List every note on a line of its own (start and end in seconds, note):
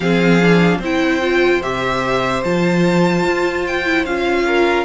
0.00 0.78 F3
0.00 0.41 C4
0.00 0.78 G#4
0.00 0.81 F5
0.41 0.81 D4
0.78 1.59 C4
0.78 1.21 E4
0.78 4.43 C5
0.78 1.62 G5
1.21 1.61 F4
1.62 2.43 C3
1.62 2.44 G4
1.62 2.43 E5
2.44 3.24 F3
2.44 3.85 F4
2.44 3.65 A5
3.24 4.04 F4
3.66 4.05 G5
3.85 4.06 E4
4.04 4.85 C#4
4.04 4.85 F4
4.04 4.85 F5
4.46 4.85 A#4